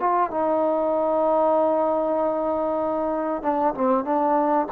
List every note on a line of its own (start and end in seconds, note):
0.00 0.30 F4
0.30 3.43 D#4
3.43 3.74 D4
3.74 4.05 C4
4.05 4.67 D4